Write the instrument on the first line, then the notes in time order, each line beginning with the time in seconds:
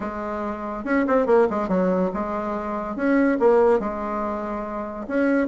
bassoon
0.00 G#3
0.84 C#4
1.07 C4
1.26 A#3
1.50 G#3
1.68 F#3
2.13 G#3
2.96 C#4
3.39 A#3
3.79 G#3
5.07 C#4